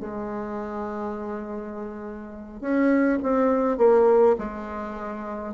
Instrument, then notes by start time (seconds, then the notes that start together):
bassoon
0.00 G#3
2.61 C#4
3.23 C4
3.78 A#3
4.39 G#3